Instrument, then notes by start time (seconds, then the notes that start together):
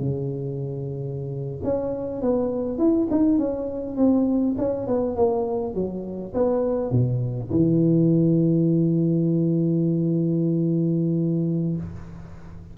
tuba
0.00 C#3
1.64 C#4
2.22 B3
2.79 E4
3.11 D#4
3.39 C#4
3.97 C4
4.59 C#4
4.88 B3
5.16 A#3
5.75 F#3
6.34 B3
6.92 B2
7.51 E3